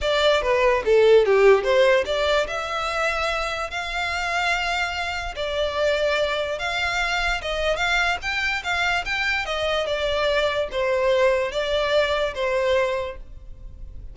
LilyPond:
\new Staff \with { instrumentName = "violin" } { \time 4/4 \tempo 4 = 146 d''4 b'4 a'4 g'4 | c''4 d''4 e''2~ | e''4 f''2.~ | f''4 d''2. |
f''2 dis''4 f''4 | g''4 f''4 g''4 dis''4 | d''2 c''2 | d''2 c''2 | }